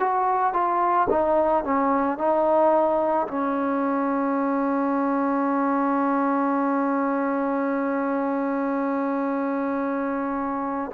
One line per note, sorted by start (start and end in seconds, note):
0.00 0.54 F#4
0.54 1.08 F4
1.10 1.64 D#4
1.64 2.19 C#4
2.19 3.28 D#4
3.28 10.91 C#4